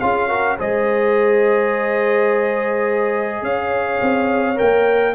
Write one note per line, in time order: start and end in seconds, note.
0.00 0.59 C#4
0.00 0.29 F4
0.00 0.28 G#4
0.00 0.57 F5
0.28 0.58 F#4
0.28 0.57 A#4
0.58 3.42 G#3
0.58 4.56 G#4
0.58 3.44 C5
0.58 3.44 D#5
3.42 4.00 C#4
3.42 5.14 C#5
3.42 4.58 F5
4.01 4.59 C4
4.56 5.14 A#3
4.56 5.13 A#4
4.56 5.14 G5